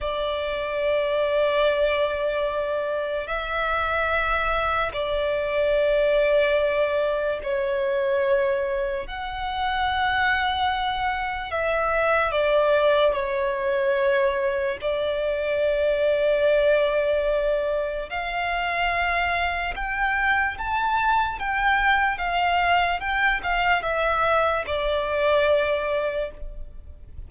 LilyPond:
\new Staff \with { instrumentName = "violin" } { \time 4/4 \tempo 4 = 73 d''1 | e''2 d''2~ | d''4 cis''2 fis''4~ | fis''2 e''4 d''4 |
cis''2 d''2~ | d''2 f''2 | g''4 a''4 g''4 f''4 | g''8 f''8 e''4 d''2 | }